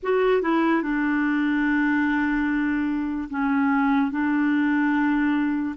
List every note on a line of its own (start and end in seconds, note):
0.03 0.41 F#4
0.41 0.82 E4
0.82 3.28 D4
3.30 4.11 C#4
4.11 5.75 D4